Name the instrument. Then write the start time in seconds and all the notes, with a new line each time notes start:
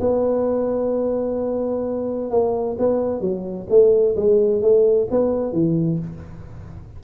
tuba
0.00 B3
2.30 A#3
2.78 B3
3.20 F#3
3.69 A3
4.16 G#3
4.62 A3
5.10 B3
5.52 E3